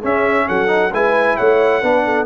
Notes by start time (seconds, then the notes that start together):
0.00 C#4 G#4 E5
0.48 F#3 A4 F#5
0.67 D#4
0.92 G#3 E4 B4 G#5
1.37 A3 C#5 F#5
1.82 B3 D4 B4
2.05 A4